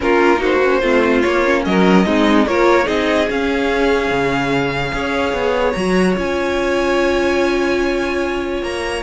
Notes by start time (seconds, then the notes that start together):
0.00 A#3 C#4 F4 A#4
0.37 D#4 F#4
0.43 C5
0.63 C#4
0.80 A3 C4 F4
1.21 A#3 C#5
1.44 C#4
1.65 F#3 A#4 D#5
2.05 G#3 C4 D#4
2.46 A#3 F4 A#4 C#5
2.84 C4 D#4 G#4 D#5
3.29 C#4 F5
4.10 C#3
4.92 C#4 G#4 C#5
5.33 B3
5.72 F#3 F#4 A#5
6.16 C#4 F4 G#5
8.62 A#3 A#5